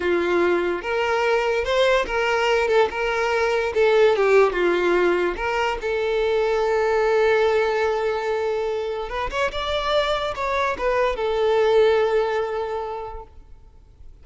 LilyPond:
\new Staff \with { instrumentName = "violin" } { \time 4/4 \tempo 4 = 145 f'2 ais'2 | c''4 ais'4. a'8 ais'4~ | ais'4 a'4 g'4 f'4~ | f'4 ais'4 a'2~ |
a'1~ | a'2 b'8 cis''8 d''4~ | d''4 cis''4 b'4 a'4~ | a'1 | }